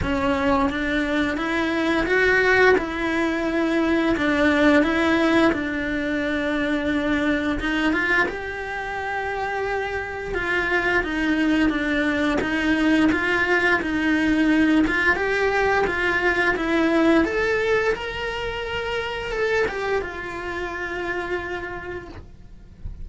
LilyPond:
\new Staff \with { instrumentName = "cello" } { \time 4/4 \tempo 4 = 87 cis'4 d'4 e'4 fis'4 | e'2 d'4 e'4 | d'2. dis'8 f'8 | g'2. f'4 |
dis'4 d'4 dis'4 f'4 | dis'4. f'8 g'4 f'4 | e'4 a'4 ais'2 | a'8 g'8 f'2. | }